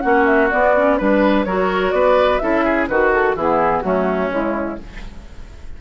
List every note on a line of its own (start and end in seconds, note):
0.00 0.52 A#3
0.00 0.50 C#4
0.00 0.97 F#4
0.00 0.24 F#5
0.25 0.49 E5
0.50 0.74 B3
0.50 1.00 B3
0.50 0.97 D5
0.76 0.98 C#4
0.97 1.46 G3
0.97 1.46 D4
0.97 1.44 B4
0.97 1.45 B4
1.44 1.92 F#3
1.44 2.40 F#4
1.44 1.94 A#4
1.44 1.91 C#5
1.91 2.40 B3
1.91 2.42 B4
1.91 2.38 D5
2.38 2.88 C#4
2.38 2.88 E4
2.38 2.64 A4
2.38 2.86 E5
2.64 2.88 G#4
2.87 3.35 D#3
2.87 3.36 F#4
2.87 3.38 F#4
2.87 3.11 B4
3.13 3.36 A4
3.35 3.82 E3
3.35 3.83 B3
3.35 3.83 E4
3.35 3.81 G#4
3.81 4.29 F#3
3.81 4.30 A3
3.81 4.79 C#4
3.81 4.29 F#4
4.29 4.77 C#3
4.29 4.77 G#3
4.29 4.81 E4